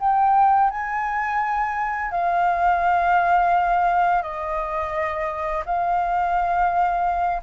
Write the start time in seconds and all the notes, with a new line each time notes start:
0.00 G5
0.71 G#5
2.12 F5
4.23 D#5
5.66 F5